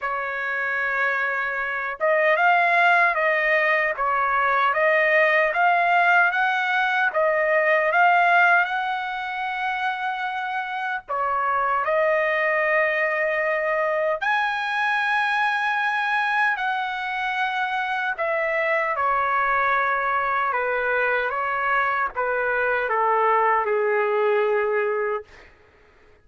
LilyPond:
\new Staff \with { instrumentName = "trumpet" } { \time 4/4 \tempo 4 = 76 cis''2~ cis''8 dis''8 f''4 | dis''4 cis''4 dis''4 f''4 | fis''4 dis''4 f''4 fis''4~ | fis''2 cis''4 dis''4~ |
dis''2 gis''2~ | gis''4 fis''2 e''4 | cis''2 b'4 cis''4 | b'4 a'4 gis'2 | }